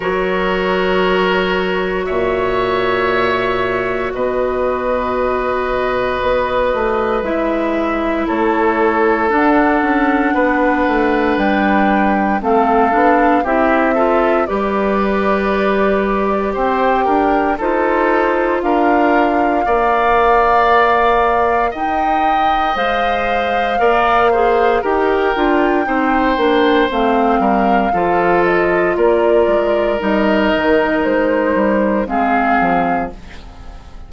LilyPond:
<<
  \new Staff \with { instrumentName = "flute" } { \time 4/4 \tempo 4 = 58 cis''2 e''2 | dis''2. e''4 | cis''4 fis''2 g''4 | f''4 e''4 d''2 |
g''4 c''4 f''2~ | f''4 g''4 f''2 | g''2 f''4. dis''8 | d''4 dis''4 c''4 f''4 | }
  \new Staff \with { instrumentName = "oboe" } { \time 4/4 ais'2 cis''2 | b'1 | a'2 b'2 | a'4 g'8 a'8 b'2 |
c''8 ais'8 a'4 ais'4 d''4~ | d''4 dis''2 d''8 c''8 | ais'4 c''4. ais'8 a'4 | ais'2. gis'4 | }
  \new Staff \with { instrumentName = "clarinet" } { \time 4/4 fis'1~ | fis'2. e'4~ | e'4 d'2. | c'8 d'8 e'8 f'8 g'2~ |
g'4 f'2 ais'4~ | ais'2 c''4 ais'8 gis'8 | g'8 f'8 dis'8 d'8 c'4 f'4~ | f'4 dis'2 c'4 | }
  \new Staff \with { instrumentName = "bassoon" } { \time 4/4 fis2 ais,2 | b,2 b8 a8 gis4 | a4 d'8 cis'8 b8 a8 g4 | a8 b8 c'4 g2 |
c'8 d'8 dis'4 d'4 ais4~ | ais4 dis'4 gis4 ais4 | dis'8 d'8 c'8 ais8 a8 g8 f4 | ais8 gis8 g8 dis8 gis8 g8 gis8 f8 | }
>>